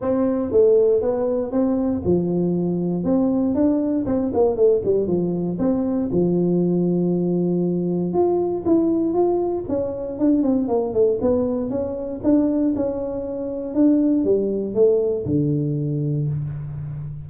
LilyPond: \new Staff \with { instrumentName = "tuba" } { \time 4/4 \tempo 4 = 118 c'4 a4 b4 c'4 | f2 c'4 d'4 | c'8 ais8 a8 g8 f4 c'4 | f1 |
f'4 e'4 f'4 cis'4 | d'8 c'8 ais8 a8 b4 cis'4 | d'4 cis'2 d'4 | g4 a4 d2 | }